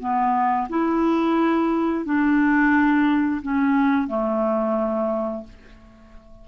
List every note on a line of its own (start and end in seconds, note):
0.00 0.68 B3
0.69 2.05 E4
2.05 3.42 D4
3.42 4.08 C#4
4.08 5.44 A3